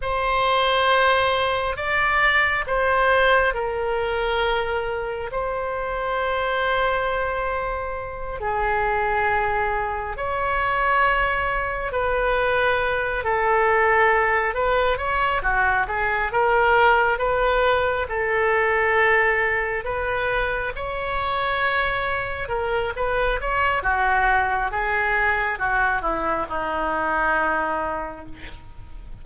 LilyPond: \new Staff \with { instrumentName = "oboe" } { \time 4/4 \tempo 4 = 68 c''2 d''4 c''4 | ais'2 c''2~ | c''4. gis'2 cis''8~ | cis''4. b'4. a'4~ |
a'8 b'8 cis''8 fis'8 gis'8 ais'4 b'8~ | b'8 a'2 b'4 cis''8~ | cis''4. ais'8 b'8 cis''8 fis'4 | gis'4 fis'8 e'8 dis'2 | }